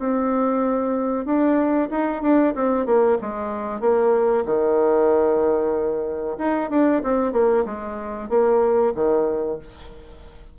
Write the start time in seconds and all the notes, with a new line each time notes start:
0.00 C4
1.26 D4
1.91 D#4
2.23 D4
2.55 C4
2.86 A#3
3.21 G#3
3.81 A#3
4.46 D#3
6.39 D#4
6.71 D4
7.04 C4
7.33 A#3
7.66 G#3
8.30 A#3
8.95 D#3